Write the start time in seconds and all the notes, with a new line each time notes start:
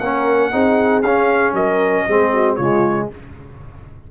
0.00 A#3 C#4 A#4 F#5
0.52 C4 D#4 G#4
1.03 C#4 F5
1.53 F#3 A#4 D#5
2.07 G#3 C4 G#4
2.34 F#4
2.56 C#3 G#3 F4 C#5